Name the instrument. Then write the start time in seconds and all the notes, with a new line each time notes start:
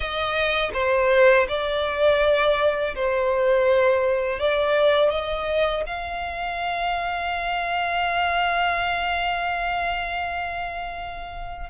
violin
0.00 D#5
0.73 C5
1.48 D5
2.95 C5
4.39 D5
5.10 D#5
5.86 F5